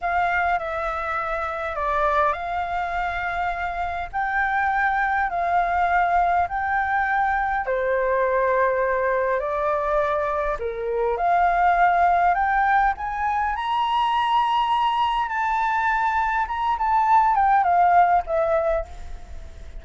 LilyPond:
\new Staff \with { instrumentName = "flute" } { \time 4/4 \tempo 4 = 102 f''4 e''2 d''4 | f''2. g''4~ | g''4 f''2 g''4~ | g''4 c''2. |
d''2 ais'4 f''4~ | f''4 g''4 gis''4 ais''4~ | ais''2 a''2 | ais''8 a''4 g''8 f''4 e''4 | }